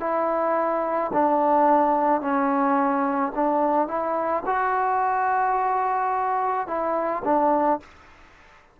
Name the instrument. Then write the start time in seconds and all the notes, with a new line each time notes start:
trombone
0.00 E4
1.13 D4
2.21 C#4
3.35 D4
3.87 E4
4.46 F#4
6.67 E4
7.24 D4